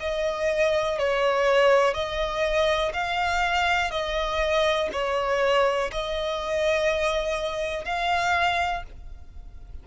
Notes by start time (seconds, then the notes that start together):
0.00 D#5
0.98 C#5
1.94 D#5
2.93 F5
3.91 D#5
4.92 C#5
5.92 D#5
7.85 F5